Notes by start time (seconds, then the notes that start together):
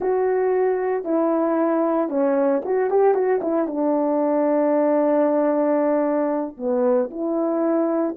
0.00 F#4
1.04 E4
2.09 C#4
2.65 F#4
2.90 G4
3.14 F#4
3.42 E4
3.67 D4
6.57 B3
7.10 E4